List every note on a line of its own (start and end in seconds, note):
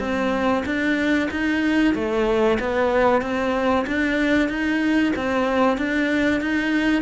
0.00 0.64 C4
0.66 1.29 D4
1.31 1.95 D#4
1.95 2.59 A3
2.60 3.22 B3
3.22 3.86 C4
3.87 4.49 D4
4.49 5.13 D#4
5.16 5.78 C4
5.78 6.41 D4
6.41 7.02 D#4